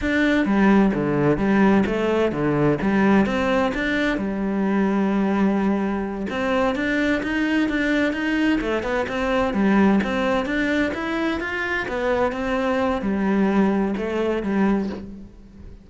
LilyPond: \new Staff \with { instrumentName = "cello" } { \time 4/4 \tempo 4 = 129 d'4 g4 d4 g4 | a4 d4 g4 c'4 | d'4 g2.~ | g4. c'4 d'4 dis'8~ |
dis'8 d'4 dis'4 a8 b8 c'8~ | c'8 g4 c'4 d'4 e'8~ | e'8 f'4 b4 c'4. | g2 a4 g4 | }